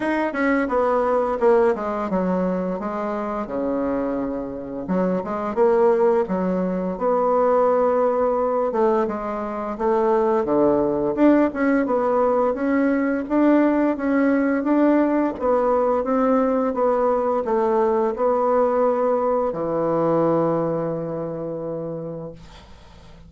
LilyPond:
\new Staff \with { instrumentName = "bassoon" } { \time 4/4 \tempo 4 = 86 dis'8 cis'8 b4 ais8 gis8 fis4 | gis4 cis2 fis8 gis8 | ais4 fis4 b2~ | b8 a8 gis4 a4 d4 |
d'8 cis'8 b4 cis'4 d'4 | cis'4 d'4 b4 c'4 | b4 a4 b2 | e1 | }